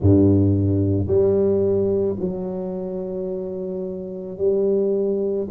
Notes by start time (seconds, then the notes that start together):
0.00 G2
1.07 G3
2.19 F#3
4.37 G3